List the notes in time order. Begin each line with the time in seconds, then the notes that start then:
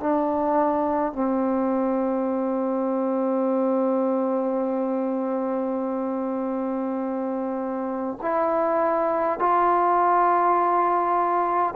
0.00 D4
1.12 C4
8.21 E4
9.39 F4